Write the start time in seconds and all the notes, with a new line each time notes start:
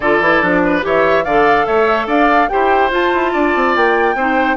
0.00 D3 F4 A4 D5
0.20 E3 E4
0.42 F3 D4
0.64 B4
0.81 E3 G4 C#5 E5
1.24 D3 A4 D5 F5
1.65 A3 C#5 E5
2.07 D4 D5 F5
2.48 E4 G4 C5 G5
2.90 F4 A5
3.14 E4
3.32 D4 D5
3.55 C4
3.75 A#3 G5
4.14 C4 D#4 C5